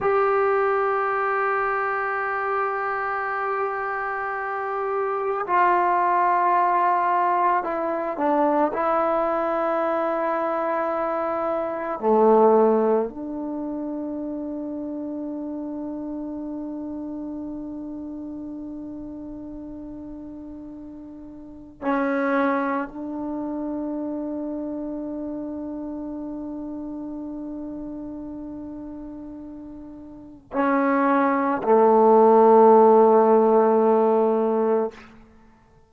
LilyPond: \new Staff \with { instrumentName = "trombone" } { \time 4/4 \tempo 4 = 55 g'1~ | g'4 f'2 e'8 d'8 | e'2. a4 | d'1~ |
d'1 | cis'4 d'2.~ | d'1 | cis'4 a2. | }